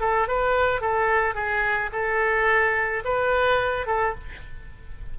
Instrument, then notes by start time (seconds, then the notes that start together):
oboe
0.00 A4
0.28 B4
0.81 A4
1.34 G#4
1.92 A4
3.04 B4
3.86 A4